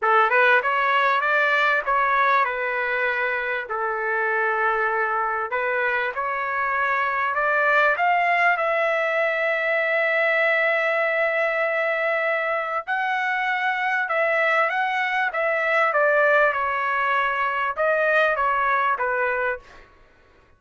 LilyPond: \new Staff \with { instrumentName = "trumpet" } { \time 4/4 \tempo 4 = 98 a'8 b'8 cis''4 d''4 cis''4 | b'2 a'2~ | a'4 b'4 cis''2 | d''4 f''4 e''2~ |
e''1~ | e''4 fis''2 e''4 | fis''4 e''4 d''4 cis''4~ | cis''4 dis''4 cis''4 b'4 | }